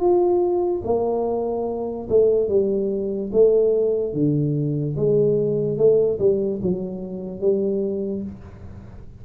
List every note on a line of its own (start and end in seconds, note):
0.00 0.82 F4
0.84 2.08 A#3
2.10 2.49 A3
2.49 3.31 G3
3.33 4.14 A3
4.14 4.96 D3
4.96 5.78 G#3
5.78 6.19 A3
6.19 6.60 G3
6.62 7.40 F#3
7.40 8.23 G3